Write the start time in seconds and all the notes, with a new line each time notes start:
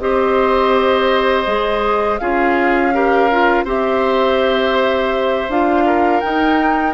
0.00 C4 G4 C5 D#5
1.47 G#3 G#4
2.19 C#4 F4 G#4 F5
2.93 G4 A#4
3.32 F4
3.65 C4 G4 C5 E5
5.49 D4 F4 F5
5.86 A#4
6.21 D#4 G5